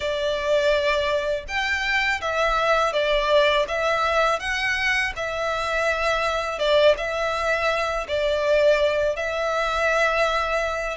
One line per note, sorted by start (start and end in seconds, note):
0.00 1.44 D5
1.47 2.21 G5
2.21 2.92 E5
2.92 3.66 D5
3.68 4.39 E5
4.39 5.12 F#5
5.16 6.59 E5
6.59 6.95 D5
6.97 8.07 E5
8.08 9.16 D5
9.16 10.97 E5